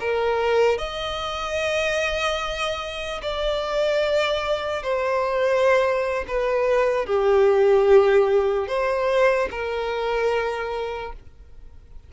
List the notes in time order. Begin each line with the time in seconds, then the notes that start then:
0.00 A#4
0.78 D#5
3.22 D5
4.83 C5
6.28 B4
7.06 G4
8.68 C5
9.51 A#4